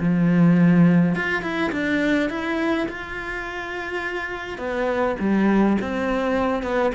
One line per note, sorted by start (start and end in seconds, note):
0.00 1.15 F3
1.15 1.42 F4
1.42 1.71 E4
1.72 2.29 D4
2.29 2.87 E4
2.88 4.58 F4
4.58 5.16 B3
5.20 5.77 G3
5.81 6.63 C4
6.63 6.92 B3